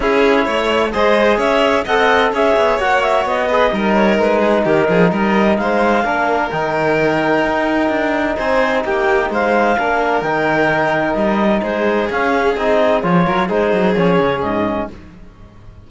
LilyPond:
<<
  \new Staff \with { instrumentName = "clarinet" } { \time 4/4 \tempo 4 = 129 cis''2 dis''4 e''4 | fis''4 e''4 fis''8 e''8 dis''4~ | dis''8 cis''8 b'4 ais'4 dis''4 | f''2 g''2~ |
g''2 gis''4 g''4 | f''2 g''2 | dis''4 c''4 f''4 dis''4 | cis''4 c''4 cis''4 dis''4 | }
  \new Staff \with { instrumentName = "violin" } { \time 4/4 gis'4 cis''4 c''4 cis''4 | dis''4 cis''2~ cis''8 b'8 | ais'4. gis'8 g'8 gis'8 ais'4 | c''4 ais'2.~ |
ais'2 c''4 g'4 | c''4 ais'2.~ | ais'4 gis'2.~ | gis'8 ais'8 gis'2. | }
  \new Staff \with { instrumentName = "trombone" } { \time 4/4 e'2 gis'2 | a'4 gis'4 fis'4. gis'8 | dis'1~ | dis'4 d'4 dis'2~ |
dis'1~ | dis'4 d'4 dis'2~ | dis'2 cis'4 dis'4 | f'4 dis'4 cis'2 | }
  \new Staff \with { instrumentName = "cello" } { \time 4/4 cis'4 a4 gis4 cis'4 | c'4 cis'8 b8 ais4 b4 | g4 gis4 dis8 f8 g4 | gis4 ais4 dis2 |
dis'4 d'4 c'4 ais4 | gis4 ais4 dis2 | g4 gis4 cis'4 c'4 | f8 fis8 gis8 fis8 f8 cis8 gis,4 | }
>>